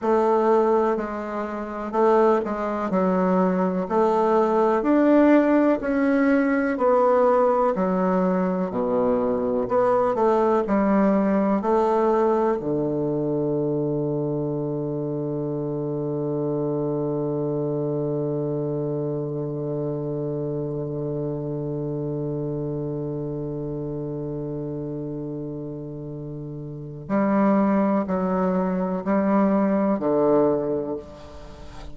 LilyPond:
\new Staff \with { instrumentName = "bassoon" } { \time 4/4 \tempo 4 = 62 a4 gis4 a8 gis8 fis4 | a4 d'4 cis'4 b4 | fis4 b,4 b8 a8 g4 | a4 d2.~ |
d1~ | d1~ | d1 | g4 fis4 g4 d4 | }